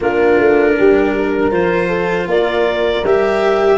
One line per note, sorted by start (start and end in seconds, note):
0.00 0.39 A#3
0.00 1.51 D4
0.00 0.75 F4
0.00 1.51 A#4
0.39 0.77 A3
0.78 1.52 G3
0.78 1.16 G4
1.16 1.87 A#4
1.51 2.26 F3
1.51 3.03 F4
1.51 2.27 C5
1.87 2.25 A4
2.26 3.02 A#3
2.26 3.78 A#4
2.26 3.05 D5
3.03 3.78 G3
3.03 3.78 G4
3.03 3.78 E5